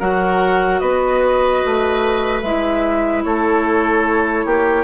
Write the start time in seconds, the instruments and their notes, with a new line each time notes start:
0.00 bassoon F#3, clarinet F#4, oboe A#4, flute F#5
0.80 bassoon B3, oboe B4, flute D#5
1.66 bassoon A3
2.42 bassoon G#3, clarinet E4, flute E5
3.24 bassoon A3, oboe A4, flute C#5
4.46 bassoon A#3, oboe G4